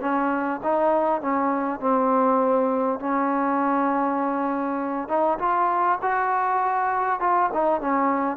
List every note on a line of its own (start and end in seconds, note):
0.00 0.60 C#4
0.63 1.21 D#4
1.21 1.80 C#4
1.80 2.99 C4
2.99 5.08 C#4
5.08 5.38 D#4
5.38 5.98 F4
6.02 7.20 F#4
7.20 7.50 F4
7.53 7.80 D#4
7.80 8.36 C#4